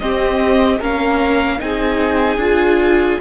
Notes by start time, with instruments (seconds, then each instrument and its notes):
0.00 viola C4, cello C4, violin G4 D#5
0.80 cello A#3, viola C#4, violin A#4 F5
1.59 cello C4, viola D#4, violin G#4 G#5
2.37 cello D4, viola F4